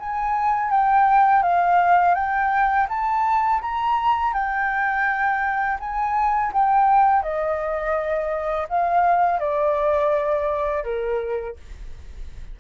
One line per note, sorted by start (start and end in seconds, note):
0.00 0.71 G#5
0.71 1.43 G5
1.43 2.15 F5
2.15 2.87 G5
2.89 3.61 A5
3.62 4.34 A#5
4.34 5.78 G5
5.80 6.53 G#5
6.53 7.23 G5
7.23 8.68 D#5
8.69 9.40 F5
9.40 10.84 D5
10.84 11.56 A#4